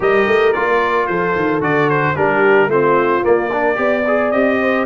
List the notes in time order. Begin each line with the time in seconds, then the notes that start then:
0.00 G3 G4 A#4 D#5
0.27 A3
0.52 A#3 F4 D5
1.07 F3 A4 C5
1.35 D#3
1.60 D3 F#4 D5
1.89 C5
2.15 G3 D4 G4 A#4
2.67 A3 C4 F4 C5
3.22 A#3 D5
3.51 D4 A#4
3.75 B3 G4 D5
4.07 G#4
4.31 C4 G4 D#5
4.60 C5